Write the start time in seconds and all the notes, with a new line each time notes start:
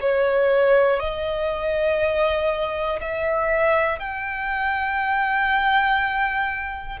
0.00 C#5
0.99 D#5
3.00 E5
3.99 G5